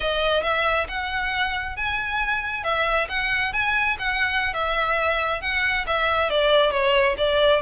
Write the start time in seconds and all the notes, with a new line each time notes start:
0.00 D#5
0.43 E5
0.88 F#5
1.76 G#5
2.63 E5
3.08 F#5
3.52 G#5
3.98 F#5
4.53 E5
5.41 F#5
5.86 E5
6.29 D5
6.71 C#5
7.17 D5